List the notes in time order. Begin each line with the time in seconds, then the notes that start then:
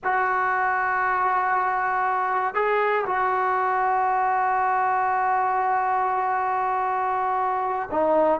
0.04 F#4
2.54 G#4
3.06 F#4
7.91 D#4